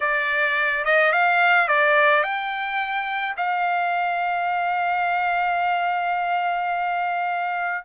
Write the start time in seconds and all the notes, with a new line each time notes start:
0.00 D5
0.84 D#5
1.12 F5
1.68 D5
2.23 G5
3.36 F5